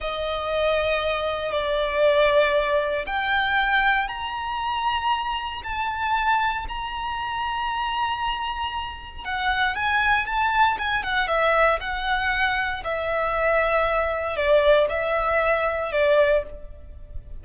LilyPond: \new Staff \with { instrumentName = "violin" } { \time 4/4 \tempo 4 = 117 dis''2. d''4~ | d''2 g''2 | ais''2. a''4~ | a''4 ais''2.~ |
ais''2 fis''4 gis''4 | a''4 gis''8 fis''8 e''4 fis''4~ | fis''4 e''2. | d''4 e''2 d''4 | }